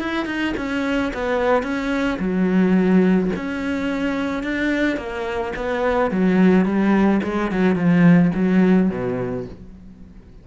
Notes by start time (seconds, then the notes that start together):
0.00 E4
0.26 D#4
0.57 C#4
1.14 B3
1.63 C#4
2.19 F#3
3.36 C#4
4.43 D4
4.97 A#3
5.56 B3
6.11 F#3
6.65 G3
7.24 G#3
7.51 F#3
7.76 F3
8.35 F#3
8.90 B2